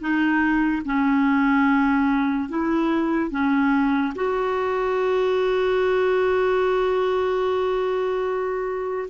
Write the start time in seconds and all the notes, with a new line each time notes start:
0.00 D#4
0.85 C#4
2.49 E4
3.31 C#4
4.15 F#4